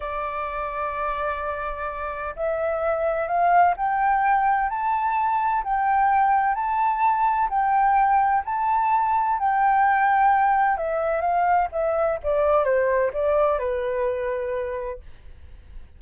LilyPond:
\new Staff \with { instrumentName = "flute" } { \time 4/4 \tempo 4 = 128 d''1~ | d''4 e''2 f''4 | g''2 a''2 | g''2 a''2 |
g''2 a''2 | g''2. e''4 | f''4 e''4 d''4 c''4 | d''4 b'2. | }